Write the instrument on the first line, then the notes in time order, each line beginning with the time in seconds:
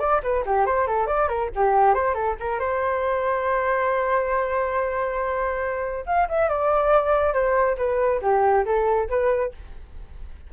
flute
0.00 D5
0.23 B4
0.46 G4
0.67 C5
0.87 A4
1.07 D5
1.29 A#4
1.56 G4
1.95 C5
2.14 A4
2.40 A#4
2.60 C5
6.07 F5
6.29 E5
6.50 D5
7.34 C5
7.78 B4
8.22 G4
8.66 A4
9.10 B4